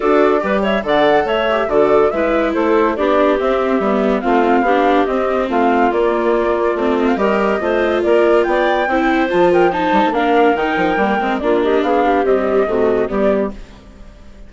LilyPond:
<<
  \new Staff \with { instrumentName = "flute" } { \time 4/4 \tempo 4 = 142 d''4. e''8 fis''4 e''4 | d''4 e''4 c''4 d''4 | e''2 f''2 | dis''4 f''4 d''2~ |
d''8 dis''16 f''16 dis''2 d''4 | g''2 a''8 g''8 a''4 | f''4 g''2 d''8 dis''8 | f''4 dis''2 d''4 | }
  \new Staff \with { instrumentName = "clarinet" } { \time 4/4 a'4 b'8 cis''8 d''4 cis''4 | a'4 b'4 a'4 g'4~ | g'2 f'4 g'4~ | g'4 f'2.~ |
f'4 ais'4 c''4 ais'4 | d''4 c''4. ais'8 c''4 | ais'2. f'8 g'8 | gis'8 g'4. fis'4 g'4 | }
  \new Staff \with { instrumentName = "viola" } { \time 4/4 fis'4 g'4 a'4. g'8 | fis'4 e'2 d'4 | c'4 b4 c'4 d'4 | c'2 ais2 |
c'4 g'4 f'2~ | f'4 e'4 f'4 dis'4 | d'4 dis'4 ais8 c'8 d'4~ | d'4 g4 a4 b4 | }
  \new Staff \with { instrumentName = "bassoon" } { \time 4/4 d'4 g4 d4 a4 | d4 gis4 a4 b4 | c'4 g4 a4 b4 | c'4 a4 ais2 |
a4 g4 a4 ais4 | b4 c'4 f4. g16 a16 | ais4 dis8 f8 g8 gis8 ais4 | b4 c'4 c4 g4 | }
>>